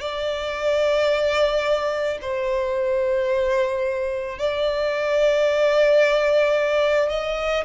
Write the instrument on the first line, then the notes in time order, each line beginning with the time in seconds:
violin
0.00 D5
2.21 C5
4.39 D5
7.10 D#5